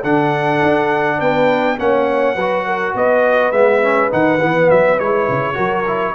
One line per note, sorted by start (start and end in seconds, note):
0.00 0.62 D3
0.00 1.78 D4
0.00 1.17 A4
0.00 1.21 F#5
0.62 1.21 D4
1.19 1.79 B3
1.19 1.77 B4
1.19 1.79 G5
1.78 2.36 A#3
1.78 2.36 C#4
1.78 2.36 C#5
1.78 2.96 F#5
2.36 2.94 F#3
2.36 3.53 F#4
2.36 2.65 B4
2.65 2.95 A#4
2.95 3.52 B3
2.95 5.56 B4
2.95 3.52 D#5
3.52 4.10 G#3
3.52 3.83 B3
3.52 4.10 E5
3.83 4.10 C#4
4.10 4.41 D#3
4.10 4.40 D#4
4.10 4.70 F#5
4.41 4.70 E3
4.41 5.00 B3
4.70 5.00 F#3
4.70 4.99 E5
4.99 5.29 G#3
4.99 5.54 E4
4.99 6.15 C#5
5.29 5.58 C#3
5.54 6.15 F#3
5.54 5.83 F#4
5.54 6.14 A#4
5.87 6.15 E4